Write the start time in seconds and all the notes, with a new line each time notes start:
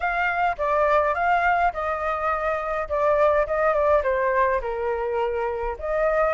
0.00 F5
0.58 D5
1.14 F5
1.73 D#5
2.88 D5
3.46 D#5
3.73 D5
4.03 C5
4.61 A#4
5.78 D#5